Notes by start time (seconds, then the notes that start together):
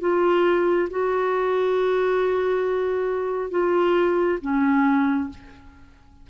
0.00 F4
0.90 F#4
3.50 F4
4.41 C#4